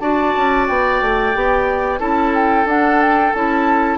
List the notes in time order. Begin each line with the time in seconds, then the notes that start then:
0.00 D4 F#4 D5 A5
0.37 C#4
0.67 B3 G5
1.02 A3
1.34 B3 G4
1.99 C#4 E4 A4 A5
2.35 G5
2.65 D4 F#5
3.02 G5
3.33 C#4 E4 A5